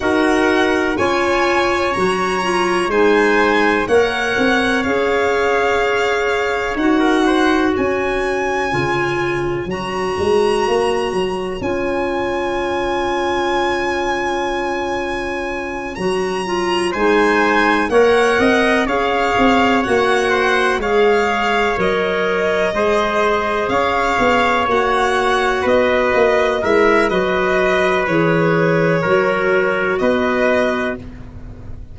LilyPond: <<
  \new Staff \with { instrumentName = "violin" } { \time 4/4 \tempo 4 = 62 fis''4 gis''4 ais''4 gis''4 | fis''4 f''2 fis''4 | gis''2 ais''2 | gis''1~ |
gis''8 ais''4 gis''4 fis''4 f''8~ | f''8 fis''4 f''4 dis''4.~ | dis''8 f''4 fis''4 dis''4 e''8 | dis''4 cis''2 dis''4 | }
  \new Staff \with { instrumentName = "trumpet" } { \time 4/4 ais'4 cis''2 c''4 | cis''2.~ cis''16 ais'16 c''8 | cis''1~ | cis''1~ |
cis''4. c''4 cis''8 dis''8 cis''8~ | cis''4 c''8 cis''2 c''8~ | c''8 cis''2 b'4 ais'8 | b'2 ais'4 b'4 | }
  \new Staff \with { instrumentName = "clarinet" } { \time 4/4 fis'4 f'4 fis'8 f'8 dis'4 | ais'4 gis'2 fis'4~ | fis'4 f'4 fis'2 | f'1~ |
f'8 fis'8 f'8 dis'4 ais'4 gis'8~ | gis'8 fis'4 gis'4 ais'4 gis'8~ | gis'4. fis'2 e'8 | fis'4 gis'4 fis'2 | }
  \new Staff \with { instrumentName = "tuba" } { \time 4/4 dis'4 cis'4 fis4 gis4 | ais8 c'8 cis'2 dis'4 | cis'4 cis4 fis8 gis8 ais8 fis8 | cis'1~ |
cis'8 fis4 gis4 ais8 c'8 cis'8 | c'8 ais4 gis4 fis4 gis8~ | gis8 cis'8 b8 ais4 b8 ais8 gis8 | fis4 e4 fis4 b4 | }
>>